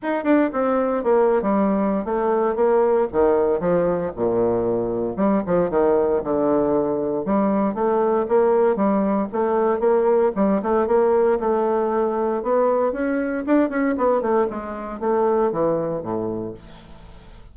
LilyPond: \new Staff \with { instrumentName = "bassoon" } { \time 4/4 \tempo 4 = 116 dis'8 d'8 c'4 ais8. g4~ g16 | a4 ais4 dis4 f4 | ais,2 g8 f8 dis4 | d2 g4 a4 |
ais4 g4 a4 ais4 | g8 a8 ais4 a2 | b4 cis'4 d'8 cis'8 b8 a8 | gis4 a4 e4 a,4 | }